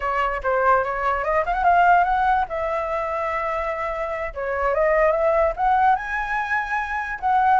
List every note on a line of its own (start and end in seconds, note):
0.00 0.41 C#5
0.43 0.83 C5
0.83 1.24 C#5
1.24 1.44 D#5
1.45 1.53 F5
1.53 1.63 F#5
1.63 2.04 F5
2.04 2.45 F#5
2.48 4.33 E5
4.34 4.74 C#5
4.74 5.11 D#5
5.11 5.52 E5
5.56 5.95 F#5
5.95 7.19 G#5
7.20 7.60 F#5